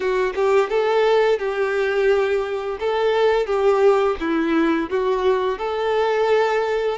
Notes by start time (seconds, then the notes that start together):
0.00 F#4
0.35 G4
0.69 A4
1.39 G4
2.79 A4
3.46 G4
4.20 E4
4.90 F#4
5.58 A4